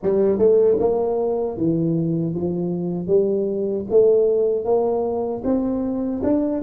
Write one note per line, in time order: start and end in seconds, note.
0.02 0.38 G3
0.38 0.77 A3
0.79 1.57 A#3
1.57 2.34 E3
2.34 3.07 F3
3.07 3.85 G3
3.90 4.64 A3
4.64 5.42 A#3
5.44 6.22 C4
6.23 6.62 D4